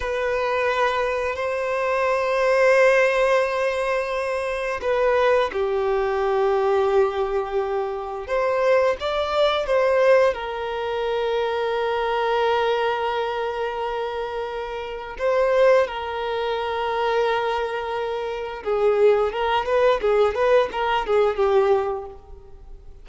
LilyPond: \new Staff \with { instrumentName = "violin" } { \time 4/4 \tempo 4 = 87 b'2 c''2~ | c''2. b'4 | g'1 | c''4 d''4 c''4 ais'4~ |
ais'1~ | ais'2 c''4 ais'4~ | ais'2. gis'4 | ais'8 b'8 gis'8 b'8 ais'8 gis'8 g'4 | }